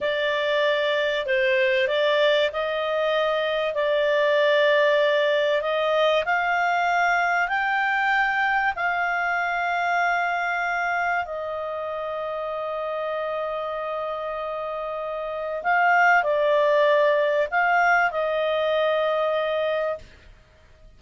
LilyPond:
\new Staff \with { instrumentName = "clarinet" } { \time 4/4 \tempo 4 = 96 d''2 c''4 d''4 | dis''2 d''2~ | d''4 dis''4 f''2 | g''2 f''2~ |
f''2 dis''2~ | dis''1~ | dis''4 f''4 d''2 | f''4 dis''2. | }